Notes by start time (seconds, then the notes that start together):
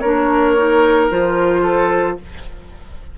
0.00 A#3 D4 A#4 C#5
0.57 D#4
1.10 F3 F4 C5
1.62 A4